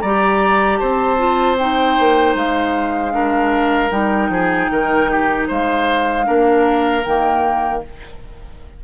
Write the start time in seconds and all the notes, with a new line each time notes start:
0.00 G3 G4 D5 A#5
0.78 C4 C5 A5
1.17 F4
1.58 D#4 G5
1.99 A#3
2.35 G#3 F5
3.11 D4 A#4
3.91 G3 D#4 G5
4.29 F3 G#4
4.70 D#3 A#4
5.11 G4
5.48 G#3 C5 F5
6.24 A#3 D4 A#4
7.04 D#3 A#3 G5